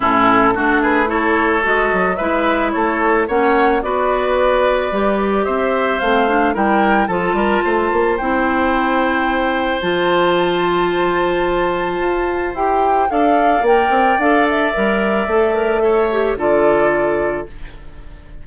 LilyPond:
<<
  \new Staff \with { instrumentName = "flute" } { \time 4/4 \tempo 4 = 110 a'4. b'8 cis''4 dis''4 | e''4 cis''4 fis''4 d''4~ | d''2 e''4 f''4 | g''4 a''2 g''4~ |
g''2 a''2~ | a''2. g''4 | f''4 g''4 f''8 e''4.~ | e''2 d''2 | }
  \new Staff \with { instrumentName = "oboe" } { \time 4/4 e'4 fis'8 gis'8 a'2 | b'4 a'4 cis''4 b'4~ | b'2 c''2 | ais'4 a'8 ais'8 c''2~ |
c''1~ | c''1 | d''1~ | d''4 cis''4 a'2 | }
  \new Staff \with { instrumentName = "clarinet" } { \time 4/4 cis'4 d'4 e'4 fis'4 | e'2 cis'4 fis'4~ | fis'4 g'2 c'8 d'8 | e'4 f'2 e'4~ |
e'2 f'2~ | f'2. g'4 | a'4 ais'4 a'4 ais'4 | a'8 ais'8 a'8 g'8 f'2 | }
  \new Staff \with { instrumentName = "bassoon" } { \time 4/4 a,4 a2 gis8 fis8 | gis4 a4 ais4 b4~ | b4 g4 c'4 a4 | g4 f8 g8 a8 ais8 c'4~ |
c'2 f2~ | f2 f'4 e'4 | d'4 ais8 c'8 d'4 g4 | a2 d2 | }
>>